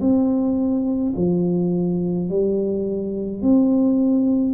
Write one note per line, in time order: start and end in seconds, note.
0.00 1.13 C4
1.16 2.29 F3
2.29 3.42 G3
3.42 4.54 C4